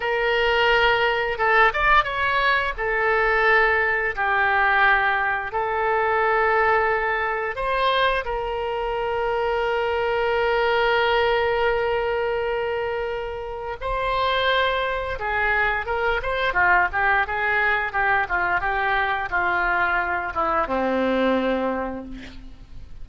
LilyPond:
\new Staff \with { instrumentName = "oboe" } { \time 4/4 \tempo 4 = 87 ais'2 a'8 d''8 cis''4 | a'2 g'2 | a'2. c''4 | ais'1~ |
ais'1 | c''2 gis'4 ais'8 c''8 | f'8 g'8 gis'4 g'8 f'8 g'4 | f'4. e'8 c'2 | }